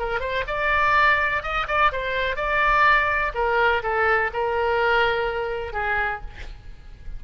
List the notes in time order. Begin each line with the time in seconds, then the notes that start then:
0.00 A#4
0.21 C5
0.48 D5
1.43 D#5
1.68 D5
1.92 C5
2.37 D5
3.35 A#4
3.83 A4
4.34 A#4
5.73 G#4